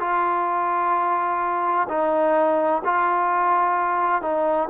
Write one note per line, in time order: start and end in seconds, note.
0.00 1.87 F4
1.89 2.83 D#4
2.85 4.22 F4
4.22 4.69 D#4